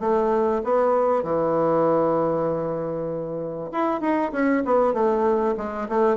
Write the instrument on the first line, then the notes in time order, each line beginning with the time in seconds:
bassoon
0.00 A3
0.64 B3
1.23 E3
3.72 E4
4.01 D#4
4.32 C#4
4.65 B3
4.93 A3
5.57 G#3
5.89 A3